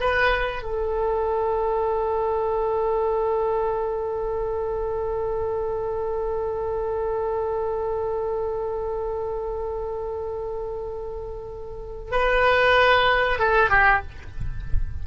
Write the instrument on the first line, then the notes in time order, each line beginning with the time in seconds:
oboe
0.00 B4
0.63 A4
12.12 B4
13.39 A4
13.70 G4